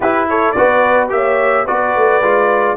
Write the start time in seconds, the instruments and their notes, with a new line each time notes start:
0.00 tuba E4, trombone E4, horn G4, trumpet B4
0.29 horn A4, trumpet C#5
0.51 tuba B3, trombone F#4, horn B4, trumpet D5
1.08 tuba A#3, trombone G4, horn C#5, trumpet E5
1.64 tuba B3, trombone F#4, horn B4, trumpet D5
1.96 tuba A3
2.21 tuba G#3, trombone F4